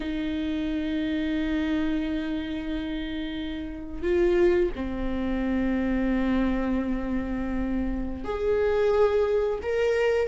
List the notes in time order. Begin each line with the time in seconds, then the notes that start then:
0.00 D#4
4.02 F4
4.75 C4
8.24 G#4
9.62 A#4